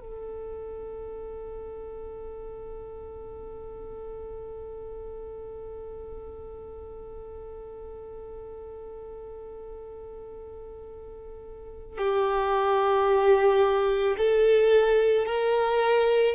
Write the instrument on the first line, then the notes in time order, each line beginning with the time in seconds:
violin
0.00 A4
11.98 G4
14.17 A4
15.25 A#4